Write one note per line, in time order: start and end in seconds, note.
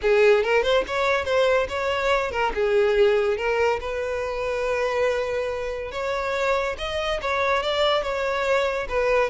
0.01 0.43 G#4
0.43 0.62 A#4
0.62 0.83 C5
0.87 1.24 C#5
1.24 1.67 C5
1.68 2.31 C#5
2.31 2.52 A#4
2.54 3.37 G#4
3.37 3.79 A#4
3.80 5.91 B4
5.91 6.76 C#5
6.78 7.20 D#5
7.21 7.62 C#5
7.62 8.02 D5
8.02 8.87 C#5
8.88 9.30 B4